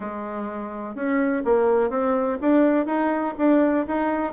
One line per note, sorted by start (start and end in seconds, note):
0.00 0.95 G#3
0.95 1.43 C#4
1.44 1.89 A#3
1.89 2.37 C4
2.41 2.86 D4
2.86 3.34 D#4
3.37 3.85 D4
3.87 4.32 D#4